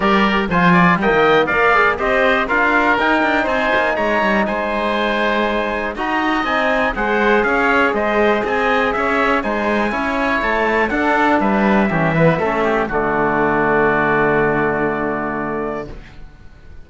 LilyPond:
<<
  \new Staff \with { instrumentName = "trumpet" } { \time 4/4 \tempo 4 = 121 d''4 gis''4 g''4 f''4 | dis''4 f''4 g''4 gis''4 | ais''4 gis''2. | ais''4 gis''4 fis''4 f''4 |
dis''4 gis''4 e''4 gis''4~ | gis''4 a''4 fis''4 e''4~ | e''2 d''2~ | d''1 | }
  \new Staff \with { instrumentName = "oboe" } { \time 4/4 ais'4 c''8 d''8 dis''4 d''4 | c''4 ais'2 c''4 | cis''4 c''2. | dis''2 c''4 cis''4 |
c''4 dis''4 cis''4 c''4 | cis''2 a'4 b'4 | g'8 b'8 a'8 g'8 fis'2~ | fis'1 | }
  \new Staff \with { instrumentName = "trombone" } { \time 4/4 g'4 f'4 ais4 ais'8 gis'8 | g'4 f'4 dis'2~ | dis'1 | fis'4 dis'4 gis'2~ |
gis'2. dis'4 | e'2 d'2 | cis'8 b8 cis'4 a2~ | a1 | }
  \new Staff \with { instrumentName = "cello" } { \time 4/4 g4 f4 g16 dis8. ais4 | c'4 d'4 dis'8 d'8 c'8 ais8 | gis8 g8 gis2. | dis'4 c'4 gis4 cis'4 |
gis4 c'4 cis'4 gis4 | cis'4 a4 d'4 g4 | e4 a4 d2~ | d1 | }
>>